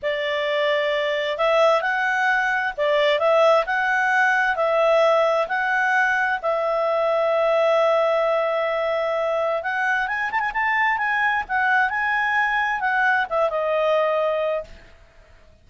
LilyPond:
\new Staff \with { instrumentName = "clarinet" } { \time 4/4 \tempo 4 = 131 d''2. e''4 | fis''2 d''4 e''4 | fis''2 e''2 | fis''2 e''2~ |
e''1~ | e''4 fis''4 gis''8 a''16 gis''16 a''4 | gis''4 fis''4 gis''2 | fis''4 e''8 dis''2~ dis''8 | }